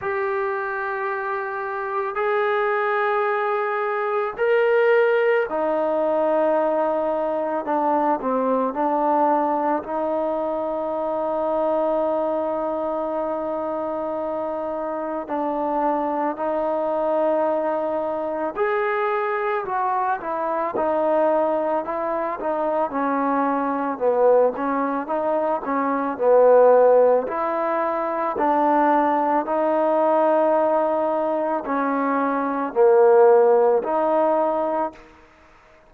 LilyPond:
\new Staff \with { instrumentName = "trombone" } { \time 4/4 \tempo 4 = 55 g'2 gis'2 | ais'4 dis'2 d'8 c'8 | d'4 dis'2.~ | dis'2 d'4 dis'4~ |
dis'4 gis'4 fis'8 e'8 dis'4 | e'8 dis'8 cis'4 b8 cis'8 dis'8 cis'8 | b4 e'4 d'4 dis'4~ | dis'4 cis'4 ais4 dis'4 | }